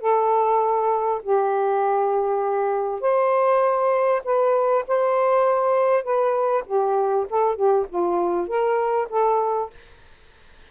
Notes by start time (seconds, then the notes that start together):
0.00 A4
1.23 G4
3.01 C5
4.24 B4
4.88 C5
6.03 B4
6.66 G4
7.30 A4
7.56 G4
7.89 F4
8.48 A#4
9.09 A4